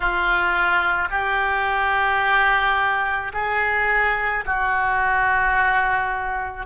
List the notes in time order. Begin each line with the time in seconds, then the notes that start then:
0.00 F4
1.10 G4
3.33 G#4
4.45 F#4